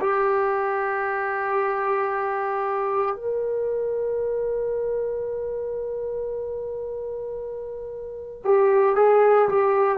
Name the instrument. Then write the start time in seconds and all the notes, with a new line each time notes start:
trombone
0.00 G4
3.15 A#4
8.44 G4
8.96 G#4
9.49 G4